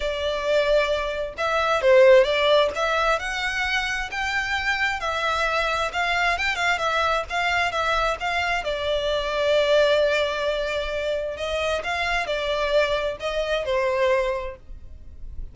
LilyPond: \new Staff \with { instrumentName = "violin" } { \time 4/4 \tempo 4 = 132 d''2. e''4 | c''4 d''4 e''4 fis''4~ | fis''4 g''2 e''4~ | e''4 f''4 g''8 f''8 e''4 |
f''4 e''4 f''4 d''4~ | d''1~ | d''4 dis''4 f''4 d''4~ | d''4 dis''4 c''2 | }